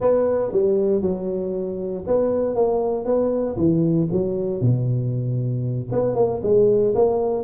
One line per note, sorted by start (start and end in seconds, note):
0.00 0.52 B3
0.52 1.01 G3
1.01 2.04 F#3
2.07 2.55 B3
2.55 3.05 A#3
3.05 3.56 B3
3.56 4.08 E3
4.11 4.60 F#3
4.60 5.89 B2
5.91 6.15 B3
6.15 6.40 A#3
6.42 6.94 G#3
6.94 7.43 A#3